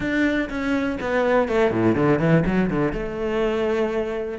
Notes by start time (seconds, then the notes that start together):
0.00 D4
0.49 C#4
1.00 B3
1.48 A3
1.70 A2
1.95 D3
2.19 E3
2.46 F#3
2.70 D3
2.92 A3